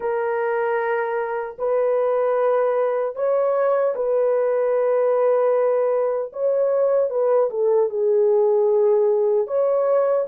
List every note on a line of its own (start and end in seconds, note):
0.00 1.56 A#4
1.58 3.15 B4
3.15 3.94 C#5
3.95 6.32 B4
6.32 7.10 C#5
7.10 7.49 B4
7.50 7.89 A4
7.89 9.47 G#4
9.47 10.26 C#5